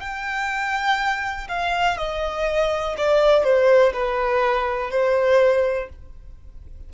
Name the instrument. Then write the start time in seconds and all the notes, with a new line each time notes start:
violin
0.00 G5
1.48 F5
1.97 D#5
2.97 D5
3.43 C5
3.93 B4
4.90 C5